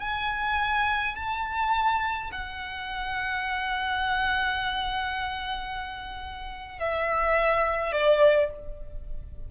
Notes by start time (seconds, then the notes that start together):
0.00 G#5
1.15 A5
2.32 F#5
6.79 E5
7.92 D5